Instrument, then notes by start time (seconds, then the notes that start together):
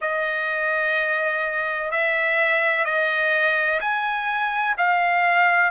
trumpet
0.01 D#5
1.90 E5
2.84 D#5
3.80 G#5
4.77 F5